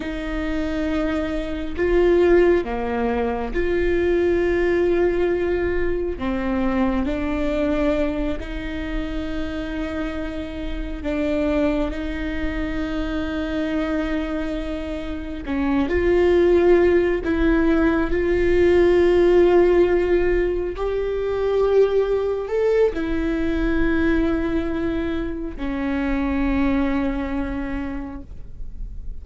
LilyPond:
\new Staff \with { instrumentName = "viola" } { \time 4/4 \tempo 4 = 68 dis'2 f'4 ais4 | f'2. c'4 | d'4. dis'2~ dis'8~ | dis'8 d'4 dis'2~ dis'8~ |
dis'4. cis'8 f'4. e'8~ | e'8 f'2. g'8~ | g'4. a'8 e'2~ | e'4 cis'2. | }